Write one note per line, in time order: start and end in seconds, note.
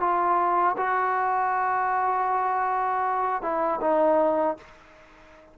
0.00 0.76 F4
0.77 3.42 F#4
3.42 3.80 E4
3.81 4.57 D#4